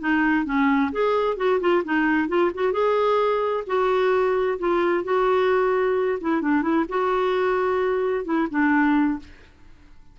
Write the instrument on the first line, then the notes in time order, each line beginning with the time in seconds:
clarinet
0.00 D#4
0.46 C#4
0.92 G#4
1.37 F#4
1.61 F4
1.85 D#4
2.29 F4
2.55 F#4
2.73 G#4
3.67 F#4
4.59 F4
5.04 F#4
6.21 E4
6.42 D4
6.62 E4
6.89 F#4
8.25 E4
8.51 D4